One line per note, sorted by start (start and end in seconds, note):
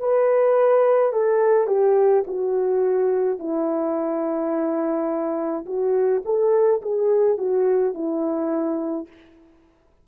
0.00 1.13 B4
1.13 1.67 A4
1.67 2.24 G4
2.27 3.39 F#4
3.39 5.66 E4
5.66 6.23 F#4
6.25 6.82 A4
6.82 7.38 G#4
7.38 7.95 F#4
7.95 9.08 E4